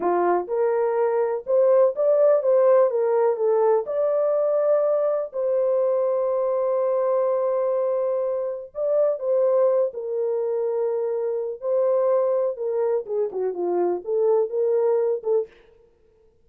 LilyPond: \new Staff \with { instrumentName = "horn" } { \time 4/4 \tempo 4 = 124 f'4 ais'2 c''4 | d''4 c''4 ais'4 a'4 | d''2. c''4~ | c''1~ |
c''2 d''4 c''4~ | c''8 ais'2.~ ais'8 | c''2 ais'4 gis'8 fis'8 | f'4 a'4 ais'4. a'8 | }